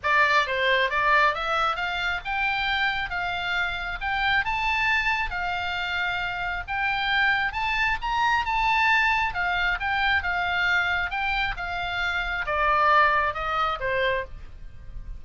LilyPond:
\new Staff \with { instrumentName = "oboe" } { \time 4/4 \tempo 4 = 135 d''4 c''4 d''4 e''4 | f''4 g''2 f''4~ | f''4 g''4 a''2 | f''2. g''4~ |
g''4 a''4 ais''4 a''4~ | a''4 f''4 g''4 f''4~ | f''4 g''4 f''2 | d''2 dis''4 c''4 | }